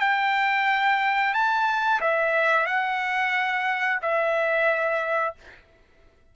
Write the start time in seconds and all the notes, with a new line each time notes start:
0.00 G5
1.33 A5
2.01 E5
2.66 F#5
4.02 E5